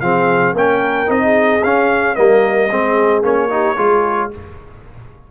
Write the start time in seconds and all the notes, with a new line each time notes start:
0.00 F3 C4 G#4 F5
0.53 A#3 C#4 A#4 G5
1.06 C4 D#4 D#5
1.22 G#4
1.63 C#4 F5
2.15 G3 A#3 A#4 D#5
2.69 G#3 C4 G#4
3.22 A#3 C#4 C#5
3.49 D#4 G4
3.75 G#3 F4 G#4